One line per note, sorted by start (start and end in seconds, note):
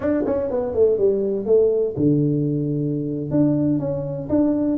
0.00 0.24 D4
0.25 0.50 C#4
0.50 0.74 B3
0.74 0.98 A3
0.98 1.45 G3
1.45 1.94 A3
1.96 3.30 D3
3.30 3.79 D4
3.79 4.28 C#4
4.29 4.77 D4